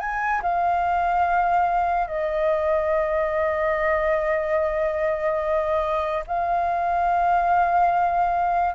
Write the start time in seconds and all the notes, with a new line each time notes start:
0.00 G#5
0.42 F5
2.08 D#5
6.27 F5